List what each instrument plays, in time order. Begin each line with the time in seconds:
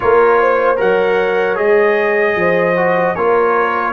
0.00 tuba A#3, trombone F4, horn A#4, trumpet C#5
0.41 horn C5
0.76 tuba F#3, trombone A#4, horn C#5, trumpet F#5
1.55 tuba G#3, trombone G#4, trumpet D#5
2.35 tuba F3, horn C5
2.76 trombone F#4
3.15 tuba A#3, trombone F4, horn A#4, trumpet C#5